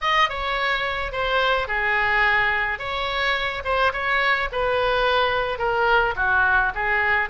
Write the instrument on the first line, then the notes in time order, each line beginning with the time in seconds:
oboe
0.01 D#5
0.29 C#5
1.11 C5
1.67 G#4
2.78 C#5
3.64 C5
3.92 C#5
4.51 B4
5.58 A#4
6.16 F#4
6.74 G#4